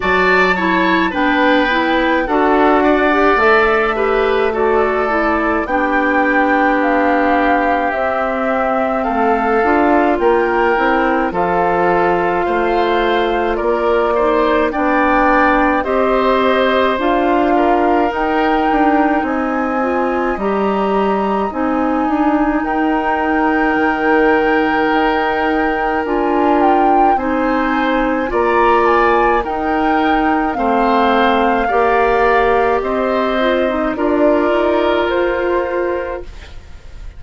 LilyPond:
<<
  \new Staff \with { instrumentName = "flute" } { \time 4/4 \tempo 4 = 53 a''4 g''4 fis''4 e''4 | d''4 g''4 f''4 e''4 | f''4 g''4 f''2 | d''4 g''4 dis''4 f''4 |
g''4 gis''4 ais''4 gis''4 | g''2. gis''8 g''8 | gis''4 ais''8 gis''8 g''4 f''4~ | f''4 dis''4 d''4 c''4 | }
  \new Staff \with { instrumentName = "oboe" } { \time 4/4 d''8 cis''8 b'4 a'8 d''4 b'8 | a'4 g'2. | a'4 ais'4 a'4 c''4 | ais'8 c''8 d''4 c''4. ais'8~ |
ais'4 dis''2. | ais'1 | c''4 d''4 ais'4 c''4 | d''4 c''4 ais'2 | }
  \new Staff \with { instrumentName = "clarinet" } { \time 4/4 fis'8 e'8 d'8 e'8 fis'8. g'16 a'8 g'8 | fis'8 e'8 d'2 c'4~ | c'8 f'4 e'8 f'2~ | f'8 dis'8 d'4 g'4 f'4 |
dis'4. f'8 g'4 dis'4~ | dis'2. f'4 | dis'4 f'4 dis'4 c'4 | g'4. f'16 dis'16 f'2 | }
  \new Staff \with { instrumentName = "bassoon" } { \time 4/4 fis4 b4 d'4 a4~ | a4 b2 c'4 | a8 d'8 ais8 c'8 f4 a4 | ais4 b4 c'4 d'4 |
dis'8 d'8 c'4 g4 c'8 d'8 | dis'4 dis4 dis'4 d'4 | c'4 ais4 dis'4 a4 | ais4 c'4 d'8 dis'8 f'4 | }
>>